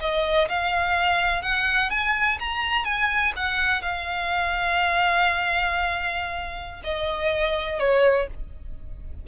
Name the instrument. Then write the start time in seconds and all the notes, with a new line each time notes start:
violin
0.00 D#5
0.48 F5
1.42 F#5
1.90 G#5
2.39 A#5
2.85 G#5
3.36 F#5
3.82 F5
6.83 D#5
7.79 C#5